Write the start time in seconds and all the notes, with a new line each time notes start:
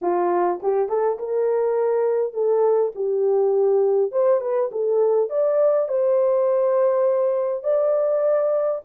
0.01 F4
0.62 G4
0.88 A4
1.18 A#4
2.33 A4
2.95 G4
4.11 C5
4.40 B4
4.71 A4
5.29 D5
5.88 C5
7.63 D5